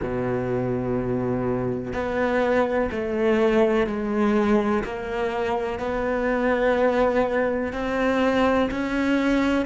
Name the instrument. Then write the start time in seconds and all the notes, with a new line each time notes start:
cello
0.02 B2
1.93 B3
2.91 A3
3.86 G#3
4.83 A#3
5.79 B3
7.72 C4
8.71 C#4